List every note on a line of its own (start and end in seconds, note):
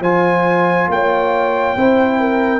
0.00 0.87 F3
0.00 1.77 F4
0.00 0.88 C5
0.00 0.90 G#5
0.88 1.75 A#3
0.88 1.78 C#5
0.88 2.60 G5
1.76 2.60 C4
1.76 2.60 E4
1.76 2.20 C5
2.20 2.60 A#4